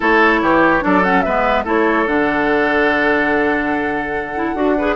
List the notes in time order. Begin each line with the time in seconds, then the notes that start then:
0.00 A3 E4 A4 C#5
0.41 E3 G4
0.80 F#3 D4 A4 D5
1.03 C#4 F#5
1.21 G#3 B3 B4 E5
1.64 A3 E4 A4 C#5
2.06 D3 D4 F#5
4.35 E4
4.54 D4 F#4
4.77 G#4 B4